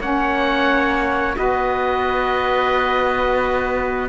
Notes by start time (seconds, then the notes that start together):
0.00 A#3 C#4 C#5 F#5
1.36 B3 F#4 B4 D#5